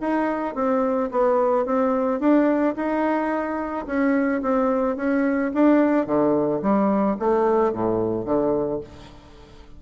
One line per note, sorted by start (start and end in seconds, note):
0.00 0.55 D#4
0.55 1.09 C4
1.11 1.65 B3
1.65 2.19 C4
2.19 2.74 D4
2.75 3.86 D#4
3.86 4.41 C#4
4.42 4.96 C4
4.96 5.51 C#4
5.54 6.06 D4
6.06 6.61 D3
6.62 7.17 G3
7.19 7.73 A3
7.73 8.25 A2
8.25 8.80 D3